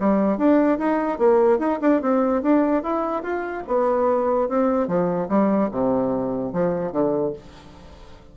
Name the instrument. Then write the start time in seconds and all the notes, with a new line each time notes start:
bassoon
0.00 G3
0.38 D4
0.78 D#4
1.18 A#3
1.59 D#4
1.81 D4
2.02 C4
2.43 D4
2.83 E4
3.23 F4
3.67 B3
4.49 C4
4.88 F3
5.29 G3
5.71 C3
6.53 F3
6.92 D3